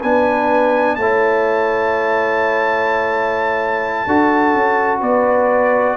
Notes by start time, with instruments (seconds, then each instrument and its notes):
0.00 tuba B3, trombone D4, horn B4, trumpet G#5
0.95 tuba A3, trombone E4, horn C#5, trumpet A5
4.06 tuba D4, trombone F#4, horn A4
4.53 tuba C#4
5.00 tuba B3, horn B4, trumpet D5